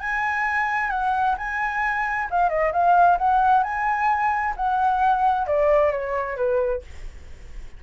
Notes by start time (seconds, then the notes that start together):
0.00 G#5
0.90 F#5
1.38 G#5
2.30 F5
2.49 D#5
2.72 F5
3.18 F#5
3.63 G#5
4.56 F#5
5.46 D5
5.92 C#5
6.36 B4